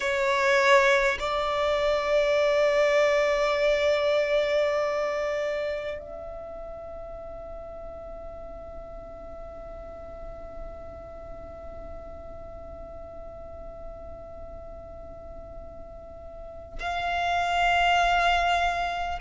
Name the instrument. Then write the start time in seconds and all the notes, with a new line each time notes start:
violin
0.00 C#5
1.19 D5
5.98 E5
16.79 F5